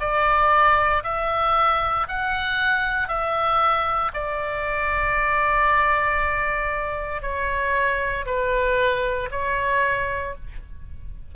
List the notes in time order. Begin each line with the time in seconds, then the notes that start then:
0.00 D5
1.04 E5
2.09 F#5
3.08 E5
4.14 D5
7.22 C#5
8.26 B4
9.32 C#5